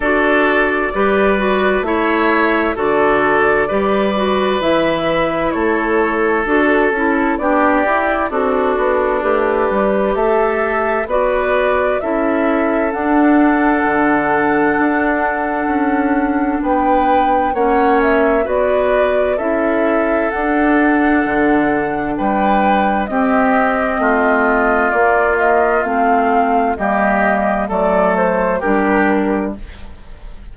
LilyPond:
<<
  \new Staff \with { instrumentName = "flute" } { \time 4/4 \tempo 4 = 65 d''2 e''4 d''4~ | d''4 e''4 cis''4 a'4 | d''4 a'4 b'4 e''4 | d''4 e''4 fis''2~ |
fis''2 g''4 fis''8 e''8 | d''4 e''4 fis''2 | g''4 dis''2 d''8 dis''8 | f''4 dis''4 d''8 c''8 ais'4 | }
  \new Staff \with { instrumentName = "oboe" } { \time 4/4 a'4 b'4 cis''4 a'4 | b'2 a'2 | g'4 d'2 a'4 | b'4 a'2.~ |
a'2 b'4 cis''4 | b'4 a'2. | b'4 g'4 f'2~ | f'4 g'4 a'4 g'4 | }
  \new Staff \with { instrumentName = "clarinet" } { \time 4/4 fis'4 g'8 fis'8 e'4 fis'4 | g'8 fis'8 e'2 fis'8 e'8 | d'8 e'8 fis'4 g'2 | fis'4 e'4 d'2~ |
d'2. cis'4 | fis'4 e'4 d'2~ | d'4 c'2 ais4 | c'4 ais4 a4 d'4 | }
  \new Staff \with { instrumentName = "bassoon" } { \time 4/4 d'4 g4 a4 d4 | g4 e4 a4 d'8 cis'8 | b8 e'8 c'8 b8 a8 g8 a4 | b4 cis'4 d'4 d4 |
d'4 cis'4 b4 ais4 | b4 cis'4 d'4 d4 | g4 c'4 a4 ais4 | a4 g4 fis4 g4 | }
>>